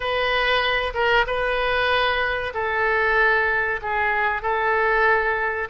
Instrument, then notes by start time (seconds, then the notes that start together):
oboe
0.00 B4
0.94 A#4
1.27 B4
2.53 A4
3.82 G#4
4.42 A4